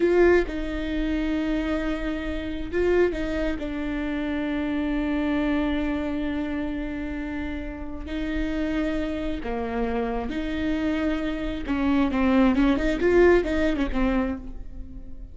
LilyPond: \new Staff \with { instrumentName = "viola" } { \time 4/4 \tempo 4 = 134 f'4 dis'2.~ | dis'2 f'4 dis'4 | d'1~ | d'1~ |
d'2 dis'2~ | dis'4 ais2 dis'4~ | dis'2 cis'4 c'4 | cis'8 dis'8 f'4 dis'8. cis'16 c'4 | }